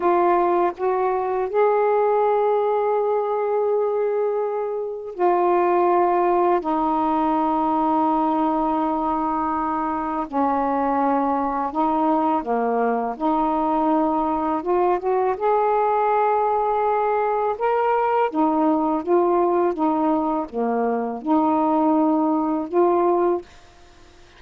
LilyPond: \new Staff \with { instrumentName = "saxophone" } { \time 4/4 \tempo 4 = 82 f'4 fis'4 gis'2~ | gis'2. f'4~ | f'4 dis'2.~ | dis'2 cis'2 |
dis'4 ais4 dis'2 | f'8 fis'8 gis'2. | ais'4 dis'4 f'4 dis'4 | ais4 dis'2 f'4 | }